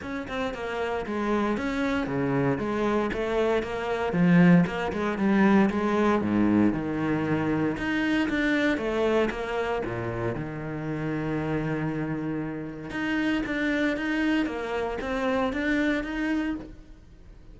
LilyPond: \new Staff \with { instrumentName = "cello" } { \time 4/4 \tempo 4 = 116 cis'8 c'8 ais4 gis4 cis'4 | cis4 gis4 a4 ais4 | f4 ais8 gis8 g4 gis4 | gis,4 dis2 dis'4 |
d'4 a4 ais4 ais,4 | dis1~ | dis4 dis'4 d'4 dis'4 | ais4 c'4 d'4 dis'4 | }